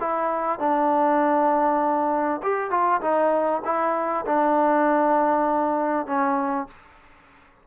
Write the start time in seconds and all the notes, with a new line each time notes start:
0.00 E4
0.60 D4
2.43 G4
2.71 F4
3.01 D#4
3.65 E4
4.26 D4
6.07 C#4